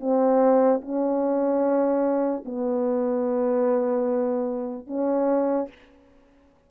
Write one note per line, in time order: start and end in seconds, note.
0.00 0.81 C4
0.81 2.44 C#4
2.45 4.87 B3
4.87 5.68 C#4